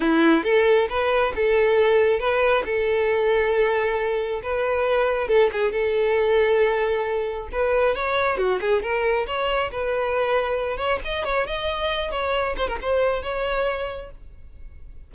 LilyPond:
\new Staff \with { instrumentName = "violin" } { \time 4/4 \tempo 4 = 136 e'4 a'4 b'4 a'4~ | a'4 b'4 a'2~ | a'2 b'2 | a'8 gis'8 a'2.~ |
a'4 b'4 cis''4 fis'8 gis'8 | ais'4 cis''4 b'2~ | b'8 cis''8 dis''8 cis''8 dis''4. cis''8~ | cis''8 c''16 ais'16 c''4 cis''2 | }